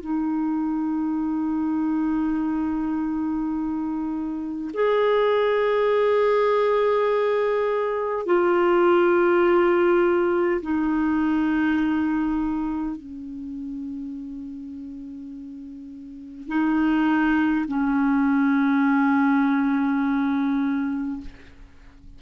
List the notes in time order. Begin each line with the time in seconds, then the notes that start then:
0.00 D#4
4.73 G#4
8.26 F4
10.61 D#4
12.96 C#4
16.48 D#4
17.67 C#4